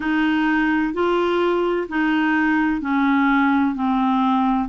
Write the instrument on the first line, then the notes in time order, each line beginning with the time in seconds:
clarinet
0.00 D#4
0.93 F4
1.88 D#4
2.81 C#4
3.75 C4